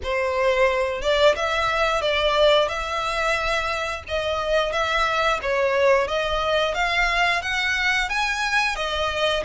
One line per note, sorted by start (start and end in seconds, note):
0.03 1.01 C5
1.01 1.35 D5
1.35 2.01 E5
2.01 2.68 D5
2.68 4.03 E5
4.08 4.72 D#5
4.72 5.39 E5
5.41 6.07 C#5
6.07 6.74 D#5
6.74 7.42 F5
7.42 8.09 F#5
8.09 8.75 G#5
8.75 9.43 D#5